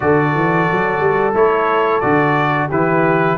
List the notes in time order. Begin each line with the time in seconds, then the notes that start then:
0.00 D3 F#4 A4 D5
0.35 E3
0.71 F#3
0.99 G3
1.34 A3 E4 C#5
2.00 D3 F#4 D5
2.68 E3 E4 G4 B4